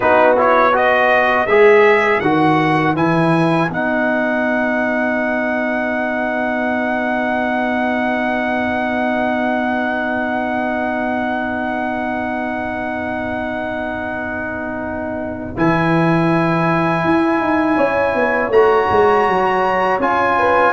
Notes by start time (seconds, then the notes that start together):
0.00 B3 D#4 F#4 B4
0.37 E4 C#5
0.73 F#4 B4 D#5
1.46 G#3 G#4 E5
2.20 D#3 F#4 F#5
2.95 E3 E4 G#5
3.68 B3 D#4 F#5
15.56 E3 E4 G#5
17.04 E4
17.40 D#4
17.76 C#4 C#5
18.14 B3
18.49 A3 F#4 A#5
18.91 G#3
19.27 F#3
19.98 C#4 F4 G#5
20.37 B4